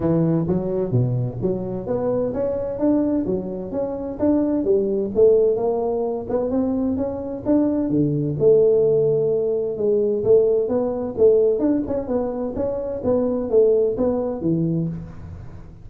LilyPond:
\new Staff \with { instrumentName = "tuba" } { \time 4/4 \tempo 4 = 129 e4 fis4 b,4 fis4 | b4 cis'4 d'4 fis4 | cis'4 d'4 g4 a4 | ais4. b8 c'4 cis'4 |
d'4 d4 a2~ | a4 gis4 a4 b4 | a4 d'8 cis'8 b4 cis'4 | b4 a4 b4 e4 | }